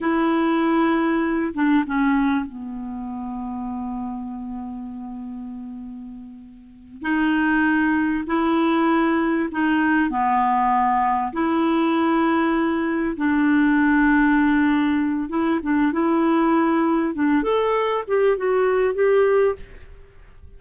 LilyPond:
\new Staff \with { instrumentName = "clarinet" } { \time 4/4 \tempo 4 = 98 e'2~ e'8 d'8 cis'4 | b1~ | b2.~ b8 dis'8~ | dis'4. e'2 dis'8~ |
dis'8 b2 e'4.~ | e'4. d'2~ d'8~ | d'4 e'8 d'8 e'2 | d'8 a'4 g'8 fis'4 g'4 | }